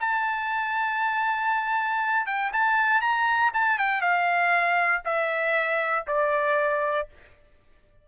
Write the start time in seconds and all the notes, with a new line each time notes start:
0.00 A5
2.26 G5
2.53 A5
3.01 A#5
3.54 A5
3.78 G5
4.01 F5
5.05 E5
6.07 D5